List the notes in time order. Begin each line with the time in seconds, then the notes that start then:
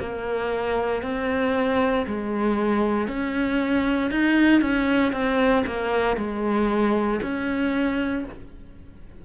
0.00 A#3
1.03 C4
2.07 G#3
3.08 C#4
4.11 D#4
4.62 C#4
5.13 C4
5.67 A#3
6.17 G#3
7.22 C#4